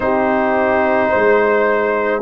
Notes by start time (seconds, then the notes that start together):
0.00 C4 D#4 G4 C5
1.09 G#3 C5